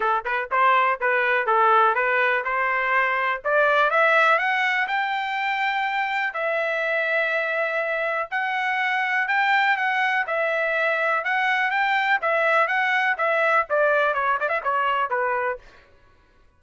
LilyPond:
\new Staff \with { instrumentName = "trumpet" } { \time 4/4 \tempo 4 = 123 a'8 b'8 c''4 b'4 a'4 | b'4 c''2 d''4 | e''4 fis''4 g''2~ | g''4 e''2.~ |
e''4 fis''2 g''4 | fis''4 e''2 fis''4 | g''4 e''4 fis''4 e''4 | d''4 cis''8 d''16 e''16 cis''4 b'4 | }